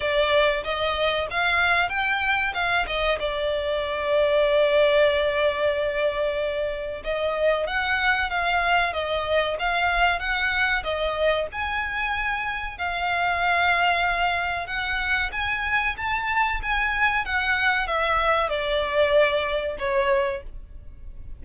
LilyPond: \new Staff \with { instrumentName = "violin" } { \time 4/4 \tempo 4 = 94 d''4 dis''4 f''4 g''4 | f''8 dis''8 d''2.~ | d''2. dis''4 | fis''4 f''4 dis''4 f''4 |
fis''4 dis''4 gis''2 | f''2. fis''4 | gis''4 a''4 gis''4 fis''4 | e''4 d''2 cis''4 | }